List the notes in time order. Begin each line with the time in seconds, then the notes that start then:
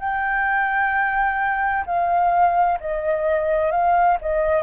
0.00 G5
1.87 F5
2.81 D#5
3.72 F5
4.22 D#5